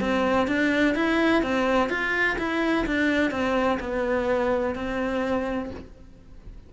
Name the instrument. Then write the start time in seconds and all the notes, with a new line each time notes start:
cello
0.00 C4
0.47 D4
0.95 E4
1.42 C4
1.90 F4
2.38 E4
2.86 D4
3.31 C4
3.80 B3
4.75 C4